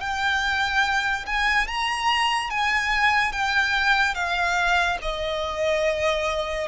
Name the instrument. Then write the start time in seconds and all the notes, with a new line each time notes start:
violin
0.00 G5
1.26 G#5
1.67 A#5
2.50 G#5
3.32 G5
4.14 F5
5.02 D#5